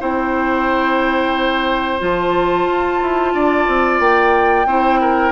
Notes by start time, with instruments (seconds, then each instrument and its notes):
0.00 bassoon C4, clarinet E4, oboe C5, flute G5
1.99 bassoon F3, clarinet F4, flute A5
2.66 bassoon F4
3.03 bassoon E4
3.34 bassoon D4, oboe D5
3.68 bassoon C4
4.00 bassoon A#3, flute G5
4.66 bassoon C4, clarinet E4, oboe C5
5.01 oboe A#4